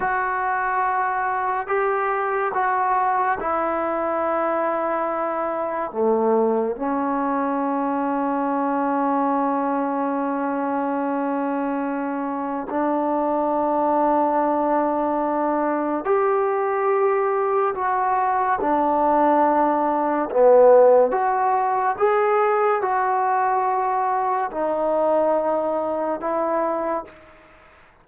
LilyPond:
\new Staff \with { instrumentName = "trombone" } { \time 4/4 \tempo 4 = 71 fis'2 g'4 fis'4 | e'2. a4 | cis'1~ | cis'2. d'4~ |
d'2. g'4~ | g'4 fis'4 d'2 | b4 fis'4 gis'4 fis'4~ | fis'4 dis'2 e'4 | }